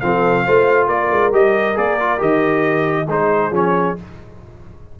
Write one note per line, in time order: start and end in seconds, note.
0.00 0.46 F3
0.00 0.47 C4
0.00 0.45 A4
0.00 0.88 F5
0.45 0.87 A3
0.45 1.32 F4
0.45 0.86 C5
0.86 1.09 A#3
0.86 3.05 A#4
0.86 1.32 D5
1.11 1.33 G#3
1.32 1.77 G3
1.32 1.75 G4
1.32 1.77 D#5
1.75 2.21 A#3
1.75 1.97 G#4
1.75 2.21 D5
2.00 2.18 F4
2.18 3.07 D#3
2.18 3.05 G4
2.18 3.09 D#5
3.07 3.51 G#3
3.07 3.52 D#4
3.07 3.99 G#4
3.07 3.54 C5
3.51 3.95 F3
3.51 3.96 C#4
3.51 3.98 C#5